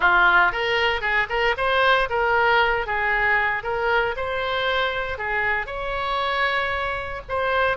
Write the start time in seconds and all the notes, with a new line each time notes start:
0.00 F4
0.52 A#4
1.01 G#4
1.29 A#4
1.57 C5
2.09 A#4
2.86 G#4
3.63 A#4
4.16 C5
5.18 G#4
5.66 C#5
7.28 C5